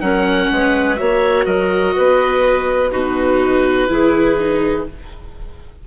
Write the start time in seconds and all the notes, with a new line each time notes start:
0.00 F#3 C#4 A#4 F#5
0.51 G#3 B4
0.96 A#3 F#4 C#5 E5
1.45 F#3 A#4 D#5
1.95 B3 B4
2.91 B2 D#4 F#4 B4
3.89 E3 E4 G#4
4.39 D#4